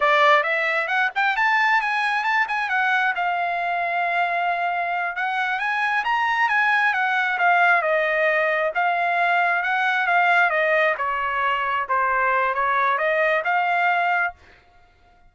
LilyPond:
\new Staff \with { instrumentName = "trumpet" } { \time 4/4 \tempo 4 = 134 d''4 e''4 fis''8 g''8 a''4 | gis''4 a''8 gis''8 fis''4 f''4~ | f''2.~ f''8 fis''8~ | fis''8 gis''4 ais''4 gis''4 fis''8~ |
fis''8 f''4 dis''2 f''8~ | f''4. fis''4 f''4 dis''8~ | dis''8 cis''2 c''4. | cis''4 dis''4 f''2 | }